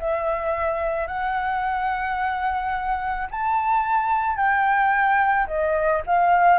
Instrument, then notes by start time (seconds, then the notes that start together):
flute
0.00 E5
1.08 F#5
3.31 A5
4.37 G5
5.47 D#5
6.07 F5